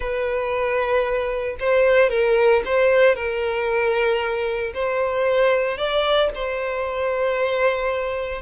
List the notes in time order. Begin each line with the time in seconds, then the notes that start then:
0.00 B4
1.59 C5
2.09 A#4
2.65 C5
3.15 A#4
4.74 C5
5.77 D5
6.34 C5